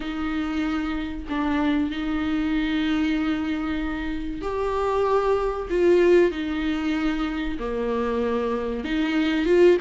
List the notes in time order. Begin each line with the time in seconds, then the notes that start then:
0.00 D#4
1.29 D4
1.90 D#4
4.41 G4
5.70 F4
6.31 D#4
7.59 A#3
8.84 D#4
9.45 F4